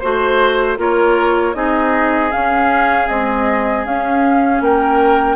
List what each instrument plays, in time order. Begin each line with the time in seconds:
0.00 bassoon A3, clarinet F#4, flute C5, oboe C5
0.77 bassoon A#3, clarinet F4, oboe A#4, flute C#5
1.54 bassoon C4, clarinet D#4, oboe G#4, flute D#5
2.31 clarinet C#4, bassoon C#4, flute F5
3.08 clarinet G#3, bassoon C4, flute D#5
3.86 bassoon C#4, clarinet C#4, flute F5
4.61 bassoon A#3, oboe A#4, flute G5